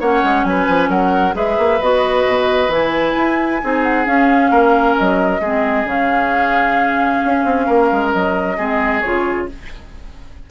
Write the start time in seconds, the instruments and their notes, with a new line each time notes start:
0.00 bassoon A#3, clarinet C#4, oboe C#5, flute F#5
0.24 bassoon G#3
0.44 bassoon F#3, oboe B4, flute G#5
0.68 bassoon F3
0.89 bassoon F#3, oboe A#4, flute F#5
1.33 bassoon G#3, clarinet G#4, oboe B4, flute E5
1.58 bassoon A#3
1.81 bassoon B3, clarinet F#4, flute D#5
2.27 bassoon B2
2.68 bassoon E3, clarinet E4, flute G#5
3.17 bassoon E4
3.61 bassoon C4, clarinet D#4, oboe G#4
3.83 flute F#5
4.05 clarinet C#4, bassoon C#4, flute F5
4.50 bassoon A#3, oboe A#4
4.97 bassoon F#3, flute D#5
5.40 bassoon G#3, clarinet C4, oboe G#4
5.84 bassoon C#3, clarinet C#4, flute F5
7.25 bassoon C#4
7.44 bassoon C4
7.66 bassoon A#3, oboe A#4
7.92 bassoon G#3
8.11 bassoon F#3, flute D#5
8.57 bassoon G#3, clarinet C4, oboe G#4
9.01 bassoon C#3, clarinet F4, flute C#5